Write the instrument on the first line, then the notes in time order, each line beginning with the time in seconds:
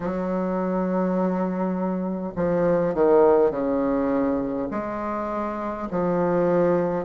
bassoon
0.00 F#3
2.35 F3
2.94 D#3
3.50 C#3
4.71 G#3
5.90 F3